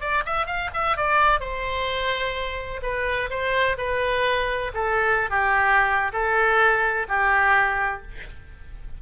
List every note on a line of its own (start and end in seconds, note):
0.00 0.23 D5
0.26 0.46 E5
0.46 0.70 F5
0.74 0.97 E5
0.97 1.40 D5
1.40 2.81 C5
2.82 3.29 B4
3.30 3.76 C5
3.78 4.71 B4
4.74 5.30 A4
5.30 6.12 G4
6.13 7.06 A4
7.08 8.02 G4